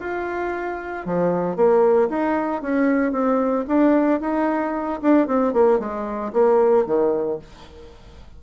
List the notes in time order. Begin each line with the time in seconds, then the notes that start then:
0.00 F4
1.06 F3
1.56 A#3
2.09 D#4
2.62 C#4
3.12 C4
3.68 D4
4.20 D#4
5.02 D4
5.27 C4
5.53 A#3
5.79 G#3
6.33 A#3
6.86 D#3